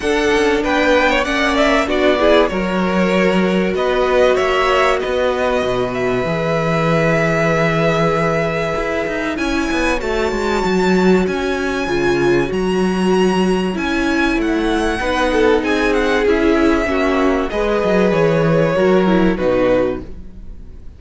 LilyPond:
<<
  \new Staff \with { instrumentName = "violin" } { \time 4/4 \tempo 4 = 96 fis''4 g''4 fis''8 e''8 d''4 | cis''2 dis''4 e''4 | dis''4. e''2~ e''8~ | e''2. gis''4 |
a''2 gis''2 | ais''2 gis''4 fis''4~ | fis''4 gis''8 fis''8 e''2 | dis''4 cis''2 b'4 | }
  \new Staff \with { instrumentName = "violin" } { \time 4/4 a'4 b'8. cis''16 d''4 fis'8 gis'8 | ais'2 b'4 cis''4 | b'1~ | b'2. cis''4~ |
cis''1~ | cis''1 | b'8 a'8 gis'2 fis'4 | b'2 ais'4 fis'4 | }
  \new Staff \with { instrumentName = "viola" } { \time 4/4 d'2 cis'4 d'8 e'8 | fis'1~ | fis'2 gis'2~ | gis'2. e'4 |
fis'2. f'4 | fis'2 e'2 | dis'2 e'4 cis'4 | gis'2 fis'8 e'8 dis'4 | }
  \new Staff \with { instrumentName = "cello" } { \time 4/4 d'8 cis'8 b4 ais4 b4 | fis2 b4 ais4 | b4 b,4 e2~ | e2 e'8 dis'8 cis'8 b8 |
a8 gis8 fis4 cis'4 cis4 | fis2 cis'4 a4 | b4 c'4 cis'4 ais4 | gis8 fis8 e4 fis4 b,4 | }
>>